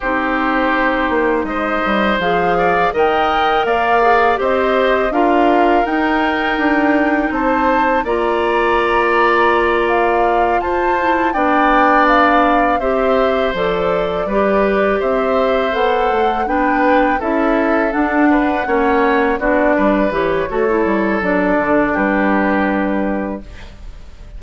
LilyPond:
<<
  \new Staff \with { instrumentName = "flute" } { \time 4/4 \tempo 4 = 82 c''2 dis''4 f''4 | g''4 f''4 dis''4 f''4 | g''2 a''4 ais''4~ | ais''4. f''4 a''4 g''8~ |
g''8 f''4 e''4 d''4.~ | d''8 e''4 fis''4 g''4 e''8~ | e''8 fis''2 d''4 cis''8~ | cis''4 d''4 b'2 | }
  \new Staff \with { instrumentName = "oboe" } { \time 4/4 g'2 c''4. d''8 | dis''4 d''4 c''4 ais'4~ | ais'2 c''4 d''4~ | d''2~ d''8 c''4 d''8~ |
d''4. c''2 b'8~ | b'8 c''2 b'4 a'8~ | a'4 b'8 cis''4 fis'8 b'4 | a'2 g'2 | }
  \new Staff \with { instrumentName = "clarinet" } { \time 4/4 dis'2. gis'4 | ais'4. gis'8 g'4 f'4 | dis'2. f'4~ | f'2. e'8 d'8~ |
d'4. g'4 a'4 g'8~ | g'4. a'4 d'4 e'8~ | e'8 d'4 cis'4 d'4 g'8 | fis'16 e'8. d'2. | }
  \new Staff \with { instrumentName = "bassoon" } { \time 4/4 c'4. ais8 gis8 g8 f4 | dis4 ais4 c'4 d'4 | dis'4 d'4 c'4 ais4~ | ais2~ ais8 f'4 b8~ |
b4. c'4 f4 g8~ | g8 c'4 b8 a8 b4 cis'8~ | cis'8 d'4 ais4 b8 g8 e8 | a8 g8 fis8 d8 g2 | }
>>